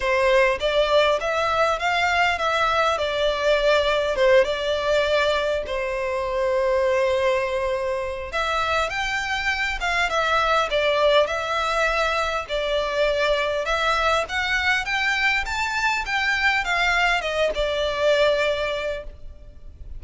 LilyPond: \new Staff \with { instrumentName = "violin" } { \time 4/4 \tempo 4 = 101 c''4 d''4 e''4 f''4 | e''4 d''2 c''8 d''8~ | d''4. c''2~ c''8~ | c''2 e''4 g''4~ |
g''8 f''8 e''4 d''4 e''4~ | e''4 d''2 e''4 | fis''4 g''4 a''4 g''4 | f''4 dis''8 d''2~ d''8 | }